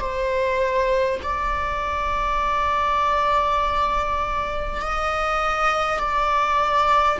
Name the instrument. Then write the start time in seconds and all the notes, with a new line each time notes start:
viola
0.00 C5
1.23 D5
4.82 D#5
5.99 D5